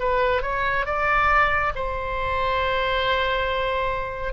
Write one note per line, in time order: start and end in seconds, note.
0.00 0.43 B4
0.43 0.86 C#5
0.86 1.73 D5
1.75 4.34 C5